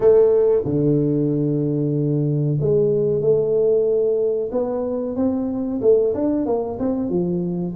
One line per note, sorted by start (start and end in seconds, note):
0.00 0.62 A3
0.65 2.58 D3
2.60 3.21 G#3
3.21 4.50 A3
4.51 5.16 B3
5.16 5.80 C4
5.81 6.13 A3
6.14 6.45 D4
6.45 6.78 A#3
6.79 7.09 C4
7.09 7.74 F3